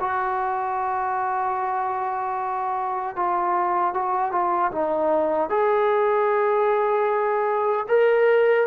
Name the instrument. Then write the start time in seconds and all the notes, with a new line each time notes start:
trombone
0.00 F#4
3.16 F4
3.94 F#4
4.32 F4
4.72 D#4
5.49 G#4
7.88 A#4